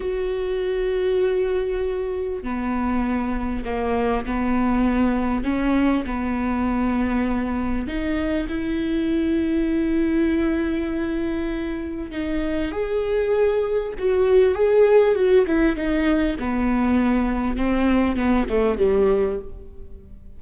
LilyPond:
\new Staff \with { instrumentName = "viola" } { \time 4/4 \tempo 4 = 99 fis'1 | b2 ais4 b4~ | b4 cis'4 b2~ | b4 dis'4 e'2~ |
e'1 | dis'4 gis'2 fis'4 | gis'4 fis'8 e'8 dis'4 b4~ | b4 c'4 b8 a8 g4 | }